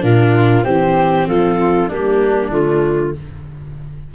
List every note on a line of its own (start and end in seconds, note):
0.00 0.65 A#2
0.00 0.62 D4
0.00 0.64 F4
0.00 0.64 A#4
0.64 1.26 E3
0.64 1.89 C4
0.64 1.27 G4
0.64 1.26 C5
1.26 1.89 F3
1.26 1.88 F4
1.26 1.89 A4
1.88 2.50 G3
1.88 2.52 A#3
1.88 3.13 D4
1.88 2.51 G4
2.50 3.12 D3
2.50 3.14 A3
2.50 3.13 F4